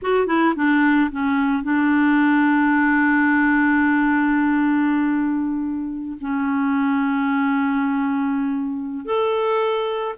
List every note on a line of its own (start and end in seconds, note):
0.02 0.26 F#4
0.26 0.54 E4
0.55 1.10 D4
1.11 1.63 C#4
1.63 6.17 D4
6.20 9.05 C#4
9.05 10.15 A4